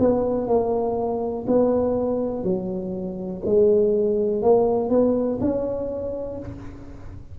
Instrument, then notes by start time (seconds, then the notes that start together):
tuba
0.00 B3
0.48 A#3
1.48 B3
2.44 F#3
3.46 G#3
4.43 A#3
4.90 B3
5.41 C#4